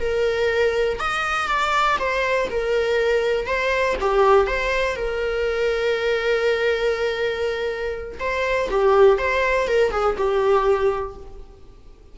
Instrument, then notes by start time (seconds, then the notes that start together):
viola
0.00 A#4
0.99 D#5
1.47 D5
1.99 C5
2.50 A#4
3.46 C5
4.00 G4
4.47 C5
4.96 A#4
8.20 C5
8.70 G4
9.18 C5
9.67 A#4
9.91 G#4
10.17 G4